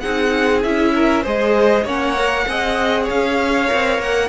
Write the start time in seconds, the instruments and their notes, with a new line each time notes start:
0.00 cello C4, viola D#4, violin G#4 F#5
0.63 cello C#4, viola E4, violin E5
0.95 violin A#4
1.23 cello G#3, viola G#4, violin C5 D#5
1.84 cello A#3, viola C#4, violin C#5 F#5
2.17 viola A#4
2.48 cello C4, viola G#4, violin D#5
3.03 violin C#5
3.09 cello C#4, violin F5
3.68 cello C4, viola A#4
3.99 cello A#3, violin F#5